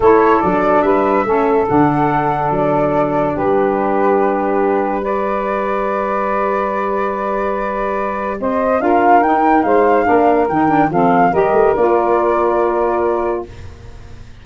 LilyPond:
<<
  \new Staff \with { instrumentName = "flute" } { \time 4/4 \tempo 4 = 143 cis''4 d''4 e''2 | fis''2 d''2 | b'1 | d''1~ |
d''1 | dis''4 f''4 g''4 f''4~ | f''4 g''4 f''4 dis''4 | d''1 | }
  \new Staff \with { instrumentName = "saxophone" } { \time 4/4 a'2 b'4 a'4~ | a'1 | g'1 | b'1~ |
b'1 | c''4 ais'2 c''4 | ais'2 a'4 ais'4~ | ais'1 | }
  \new Staff \with { instrumentName = "saxophone" } { \time 4/4 e'4 d'2 cis'4 | d'1~ | d'1 | g'1~ |
g'1~ | g'4 f'4 dis'2 | d'4 dis'8 d'8 c'4 g'4 | f'1 | }
  \new Staff \with { instrumentName = "tuba" } { \time 4/4 a4 fis4 g4 a4 | d2 fis2 | g1~ | g1~ |
g1 | c'4 d'4 dis'4 gis4 | ais4 dis4 f4 g8 a8 | ais1 | }
>>